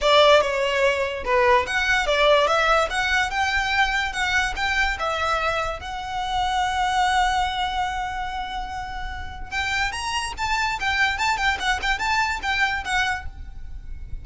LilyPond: \new Staff \with { instrumentName = "violin" } { \time 4/4 \tempo 4 = 145 d''4 cis''2 b'4 | fis''4 d''4 e''4 fis''4 | g''2 fis''4 g''4 | e''2 fis''2~ |
fis''1~ | fis''2. g''4 | ais''4 a''4 g''4 a''8 g''8 | fis''8 g''8 a''4 g''4 fis''4 | }